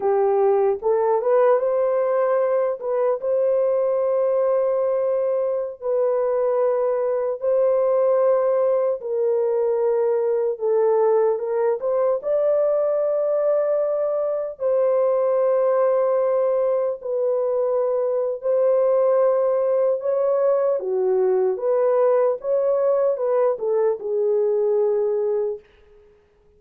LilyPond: \new Staff \with { instrumentName = "horn" } { \time 4/4 \tempo 4 = 75 g'4 a'8 b'8 c''4. b'8 | c''2.~ c''16 b'8.~ | b'4~ b'16 c''2 ais'8.~ | ais'4~ ais'16 a'4 ais'8 c''8 d''8.~ |
d''2~ d''16 c''4.~ c''16~ | c''4~ c''16 b'4.~ b'16 c''4~ | c''4 cis''4 fis'4 b'4 | cis''4 b'8 a'8 gis'2 | }